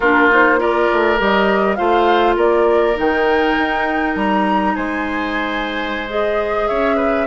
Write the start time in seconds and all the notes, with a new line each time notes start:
0.00 A#3 D4 F4 A#4
0.30 D#4 C5
0.58 F4 A#4 D5
0.92 A3
1.18 G3 G4 D#5
1.75 A3 F4 C5 F5
2.36 A#3 A#4 D5
2.94 D#3 D#4 G5
3.57 D#4
4.15 G3 A#5
4.75 G#3 C5 G#5
6.08 G#4 D#5
6.67 C#4 C#5 E5
6.96 B4